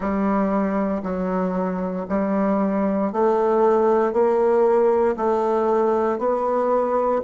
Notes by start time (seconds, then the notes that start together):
0.00 G3
1.03 F#3
2.08 G3
3.12 A3
4.12 A#3
5.16 A3
6.18 B3